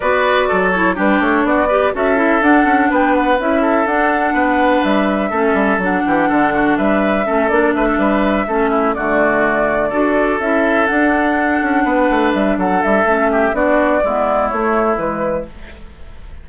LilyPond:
<<
  \new Staff \with { instrumentName = "flute" } { \time 4/4 \tempo 4 = 124 d''4. cis''8 b'8 cis''8 d''4 | e''4 fis''4 g''8 fis''8 e''4 | fis''2 e''2 | fis''2 e''4. d''8 |
e''2~ e''8 d''4.~ | d''4. e''4 fis''4.~ | fis''4. e''8 fis''8 e''4. | d''2 cis''4 b'4 | }
  \new Staff \with { instrumentName = "oboe" } { \time 4/4 b'4 a'4 g'4 fis'8 b'8 | a'2 b'4. a'8~ | a'4 b'2 a'4~ | a'8 g'8 a'8 fis'8 b'4 a'4 |
b'16 a'16 b'4 a'8 e'8 fis'4.~ | fis'8 a'2.~ a'8~ | a'8 b'4. a'4. g'8 | fis'4 e'2. | }
  \new Staff \with { instrumentName = "clarinet" } { \time 4/4 fis'4. e'8 d'4. g'8 | fis'8 e'8 d'2 e'4 | d'2. cis'4 | d'2. cis'8 d'8~ |
d'4. cis'4 a4.~ | a8 fis'4 e'4 d'4.~ | d'2. cis'4 | d'4 b4 a4 gis4 | }
  \new Staff \with { instrumentName = "bassoon" } { \time 4/4 b4 fis4 g8 a8 b4 | cis'4 d'8 cis'8 b4 cis'4 | d'4 b4 g4 a8 g8 | fis8 e8 d4 g4 a8 ais8 |
a8 g4 a4 d4.~ | d8 d'4 cis'4 d'4. | cis'8 b8 a8 g8 fis8 g8 a4 | b4 gis4 a4 e4 | }
>>